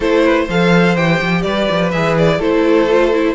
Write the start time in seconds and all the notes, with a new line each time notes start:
0.00 A3 E4 A4 C5
0.24 B4
0.44 F3 A4 C5 F5
0.96 E3 G4 G5
1.21 F3
1.42 G3 B4 D5
1.71 F3
1.91 E3 G#4 E5
2.18 D5
2.38 A3 E4 A4 C5
2.90 F4
3.13 E4